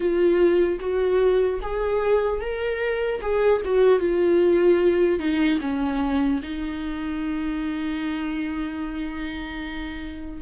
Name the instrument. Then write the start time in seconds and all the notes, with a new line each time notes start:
viola
0.00 F4
0.80 F#4
1.62 G#4
2.40 A#4
3.21 G#4
3.64 F#4
3.99 F4
5.19 D#4
5.60 C#4
6.42 D#4